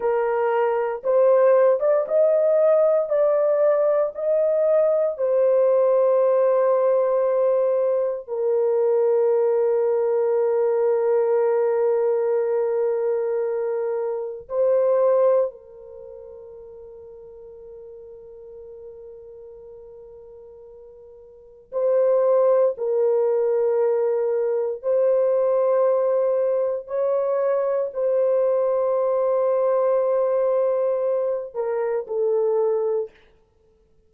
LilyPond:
\new Staff \with { instrumentName = "horn" } { \time 4/4 \tempo 4 = 58 ais'4 c''8. d''16 dis''4 d''4 | dis''4 c''2. | ais'1~ | ais'2 c''4 ais'4~ |
ais'1~ | ais'4 c''4 ais'2 | c''2 cis''4 c''4~ | c''2~ c''8 ais'8 a'4 | }